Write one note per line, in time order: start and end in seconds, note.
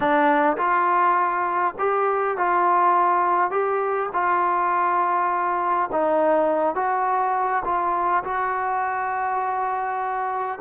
0.00 0.56 D4
0.57 1.75 F4
1.78 2.37 G4
2.37 3.51 F4
3.51 4.09 G4
4.13 5.90 F4
5.91 6.75 D#4
6.75 7.63 F#4
7.64 8.23 F4
8.24 10.59 F#4